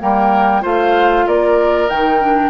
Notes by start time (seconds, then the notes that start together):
0.00 G3 A#3 A#4 G5
0.62 A3 F4 C5 F5
1.27 A#3 A#4 D5
1.90 D#3 D#4 G5
2.22 D4